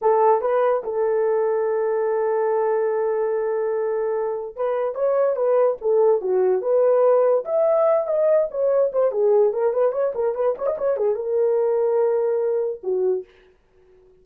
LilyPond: \new Staff \with { instrumentName = "horn" } { \time 4/4 \tempo 4 = 145 a'4 b'4 a'2~ | a'1~ | a'2. b'4 | cis''4 b'4 a'4 fis'4 |
b'2 e''4. dis''8~ | dis''8 cis''4 c''8 gis'4 ais'8 b'8 | cis''8 ais'8 b'8 cis''16 dis''16 cis''8 gis'8 ais'4~ | ais'2. fis'4 | }